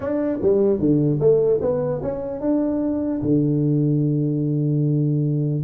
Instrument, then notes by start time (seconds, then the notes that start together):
tuba
0.00 D4
0.42 G3
0.79 D3
1.20 A3
1.61 B3
2.02 C#4
2.40 D4
3.22 D3